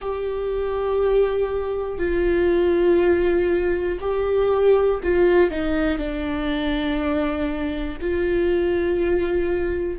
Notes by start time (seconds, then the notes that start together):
0.01 G4
1.98 F4
4.00 G4
5.03 F4
5.50 D#4
5.97 D4
8.00 F4